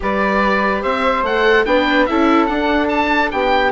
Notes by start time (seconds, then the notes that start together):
0.00 G3 G4 B4 D5
0.82 C4 C5 E5
1.22 A3 A4 F#5
1.65 B3 D4 B4 G5
2.06 C#4 E4 A4 E5
2.46 D4 F#5
2.88 A5
3.31 B3 G4 G5